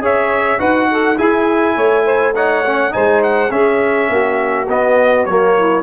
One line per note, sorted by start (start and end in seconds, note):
0.00 0.58 C#4
0.00 0.58 G#4
0.00 0.59 C#5
0.00 0.60 E5
0.58 1.18 D#4
0.58 1.16 F#4
0.58 0.88 B4
0.58 1.18 F#5
0.91 1.17 A4
1.17 2.34 E4
1.17 1.76 E4
1.17 1.75 G#4
1.17 2.35 G#5
1.75 2.93 A3
1.75 2.04 C#5
2.05 2.34 C5
2.34 2.65 D#4
2.34 2.93 C#5
2.34 2.93 F#5
2.66 2.91 C#4
2.91 3.51 G#3
2.91 3.49 D#4
2.91 3.52 C5
2.91 3.22 G#5
3.23 3.52 F#5
3.50 4.67 C#4
3.50 4.09 C#4
3.50 4.09 G#4
3.50 4.68 E5
4.09 4.68 A#3
4.09 5.55 F#4
4.69 5.26 B3
4.69 5.27 B3
4.69 5.26 D#5
5.26 5.83 F#3
5.26 5.83 A#3
5.26 5.83 C#5
5.57 5.83 E4